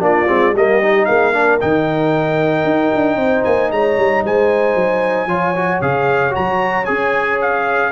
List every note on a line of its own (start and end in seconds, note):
0.00 0.27 A#3
0.00 0.26 D4
0.00 0.56 F4
0.00 0.56 D5
0.28 0.53 G#3
0.28 0.54 C4
0.53 1.06 G3
0.53 0.82 A#3
0.53 1.07 G4
0.53 1.05 D#5
0.82 1.33 D#4
1.05 1.61 A#3
1.05 1.33 G#4
1.05 1.58 F5
1.33 1.60 D4
1.33 3.17 A#4
1.61 2.64 D#3
1.61 5.29 D#4
1.61 3.44 G5
2.64 2.91 D#4
2.94 3.16 D4
3.16 3.42 C4
3.16 3.71 C5
3.44 3.71 A#3
3.44 3.70 G#5
3.71 3.97 G#3
3.71 4.24 C#5
3.71 4.24 A#5
3.97 4.24 G3
4.24 4.75 G#3
4.24 5.28 C5
4.24 5.81 G#5
4.75 5.26 F#3
5.26 5.79 F3
5.26 5.55 F4
5.26 7.91 C#5
5.55 5.82 F#4
5.81 6.34 C#3
5.81 6.30 G#4
5.81 6.34 F5
6.30 6.83 F#4
6.30 6.85 A#5
6.37 6.89 F#3
6.85 7.92 C#4
6.85 7.92 G#4
6.85 7.38 G#5
7.41 7.92 F5